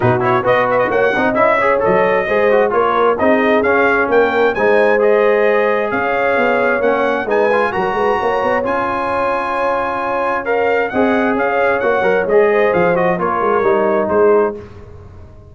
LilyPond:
<<
  \new Staff \with { instrumentName = "trumpet" } { \time 4/4 \tempo 4 = 132 b'8 cis''8 dis''8 e''16 dis''16 fis''4 e''4 | dis''2 cis''4 dis''4 | f''4 g''4 gis''4 dis''4~ | dis''4 f''2 fis''4 |
gis''4 ais''2 gis''4~ | gis''2. f''4 | fis''4 f''4 fis''4 dis''4 | f''8 dis''8 cis''2 c''4 | }
  \new Staff \with { instrumentName = "horn" } { \time 4/4 fis'4 b'4 cis''8 dis''4 cis''8~ | cis''4 c''4 ais'4 gis'4~ | gis'4 ais'4 c''2~ | c''4 cis''2. |
b'4 ais'8 b'8 cis''2~ | cis''1 | dis''4 cis''2~ cis''8 c''8~ | c''4 ais'2 gis'4 | }
  \new Staff \with { instrumentName = "trombone" } { \time 4/4 dis'8 e'8 fis'4. dis'8 e'8 gis'8 | a'4 gis'8 fis'8 f'4 dis'4 | cis'2 dis'4 gis'4~ | gis'2. cis'4 |
dis'8 f'8 fis'2 f'4~ | f'2. ais'4 | gis'2 fis'8 ais'8 gis'4~ | gis'8 fis'8 f'4 dis'2 | }
  \new Staff \with { instrumentName = "tuba" } { \time 4/4 b,4 b4 ais8 c'8 cis'4 | fis4 gis4 ais4 c'4 | cis'4 ais4 gis2~ | gis4 cis'4 b4 ais4 |
gis4 fis8 gis8 ais8 b8 cis'4~ | cis'1 | c'4 cis'4 ais8 fis8 gis4 | f4 ais8 gis8 g4 gis4 | }
>>